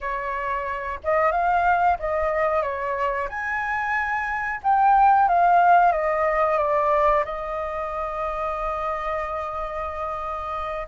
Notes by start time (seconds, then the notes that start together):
0.00 C#5
1.03 D#5
1.31 F5
1.99 D#5
2.62 C#5
3.28 G#5
4.63 G5
5.28 F5
5.92 D#5
6.58 D5
7.25 D#5